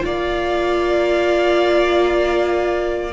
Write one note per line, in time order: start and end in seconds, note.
0.00 3.13 A#3
0.00 3.10 F4
0.00 3.13 D5
0.06 3.13 F5